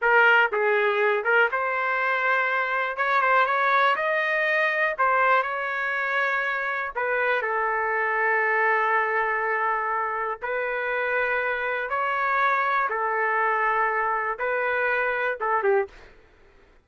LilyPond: \new Staff \with { instrumentName = "trumpet" } { \time 4/4 \tempo 4 = 121 ais'4 gis'4. ais'8 c''4~ | c''2 cis''8 c''8 cis''4 | dis''2 c''4 cis''4~ | cis''2 b'4 a'4~ |
a'1~ | a'4 b'2. | cis''2 a'2~ | a'4 b'2 a'8 g'8 | }